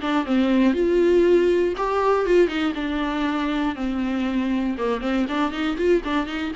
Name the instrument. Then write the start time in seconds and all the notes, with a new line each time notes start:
viola
0.00 D4
0.25 C4
0.73 F4
1.77 G4
2.26 F4
2.47 D#4
2.74 D4
3.75 C4
4.77 A#3
5.01 C4
5.28 D4
5.52 D#4
5.77 F4
6.04 D4
6.26 D#4